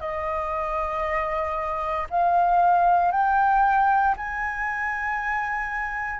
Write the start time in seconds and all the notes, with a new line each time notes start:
0.00 D#5
2.10 F5
3.11 G5
4.17 G#5